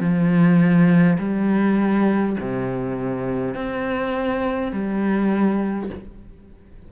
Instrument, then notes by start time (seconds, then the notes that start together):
cello
0.00 F3
1.19 G3
2.41 C3
3.55 C4
4.73 G3